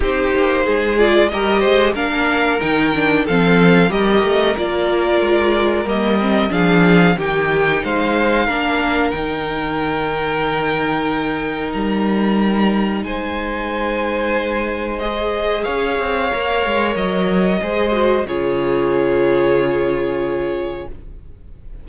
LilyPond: <<
  \new Staff \with { instrumentName = "violin" } { \time 4/4 \tempo 4 = 92 c''4. d''8 dis''4 f''4 | g''4 f''4 dis''4 d''4~ | d''4 dis''4 f''4 g''4 | f''2 g''2~ |
g''2 ais''2 | gis''2. dis''4 | f''2 dis''2 | cis''1 | }
  \new Staff \with { instrumentName = "violin" } { \time 4/4 g'4 gis'4 ais'8 c''8 ais'4~ | ais'4 a'4 ais'2~ | ais'2 gis'4 g'4 | c''4 ais'2.~ |
ais'1 | c''1 | cis''2. c''4 | gis'1 | }
  \new Staff \with { instrumentName = "viola" } { \time 4/4 dis'4. f'8 g'4 d'4 | dis'8 d'8 c'4 g'4 f'4~ | f'4 ais8 c'8 d'4 dis'4~ | dis'4 d'4 dis'2~ |
dis'1~ | dis'2. gis'4~ | gis'4 ais'2 gis'8 fis'8 | f'1 | }
  \new Staff \with { instrumentName = "cello" } { \time 4/4 c'8 ais8 gis4 g8 gis8 ais4 | dis4 f4 g8 a8 ais4 | gis4 g4 f4 dis4 | gis4 ais4 dis2~ |
dis2 g2 | gis1 | cis'8 c'8 ais8 gis8 fis4 gis4 | cis1 | }
>>